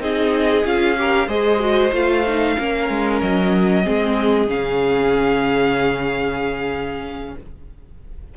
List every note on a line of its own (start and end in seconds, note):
0.00 0.64 C4
0.00 0.64 D#4
0.00 0.99 G#4
0.00 0.66 D#5
0.65 1.28 C#4
0.65 0.97 F4
0.65 1.30 F5
0.97 1.29 G4
0.97 1.28 A#4
1.28 1.92 G#3
1.28 1.60 G#4
1.28 2.55 C5
1.28 1.93 D#5
1.60 1.92 F#4
1.93 2.57 A3
1.93 2.25 F4
1.93 3.22 F5
2.27 2.59 D#4
2.59 2.90 A#3
2.59 3.84 C#4
2.59 3.84 A#4
2.90 3.22 G#3
3.22 3.87 F#3
3.22 4.50 D#5
3.84 4.48 G#3
3.84 4.48 C4
3.84 7.35 G#4
4.48 7.36 C#3
4.48 7.35 C#4
4.48 7.37 F5